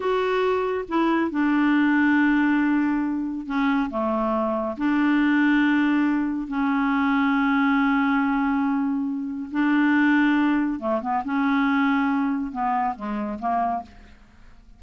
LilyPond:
\new Staff \with { instrumentName = "clarinet" } { \time 4/4 \tempo 4 = 139 fis'2 e'4 d'4~ | d'1 | cis'4 a2 d'4~ | d'2. cis'4~ |
cis'1~ | cis'2 d'2~ | d'4 a8 b8 cis'2~ | cis'4 b4 gis4 ais4 | }